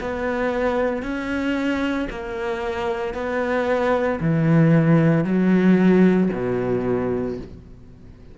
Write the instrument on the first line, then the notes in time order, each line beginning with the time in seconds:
cello
0.00 B3
1.02 C#4
2.10 A#3
3.13 B3
4.20 E3
5.24 F#3
6.33 B2